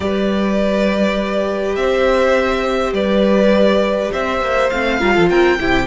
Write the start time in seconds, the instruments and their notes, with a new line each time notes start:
0.00 cello G3, viola G4, violin B4 D5
1.75 cello C4, violin C5 E5
2.92 cello G3, violin B4 D5
4.12 cello C4, violin C5 E5
4.41 cello A#3
4.70 cello A3, viola C4, violin F5
4.99 cello G3, viola F4, violin A#4
5.14 cello F3, violin A4
5.29 cello C4, violin A#4 G5
5.59 cello C3, viola E4, violin G4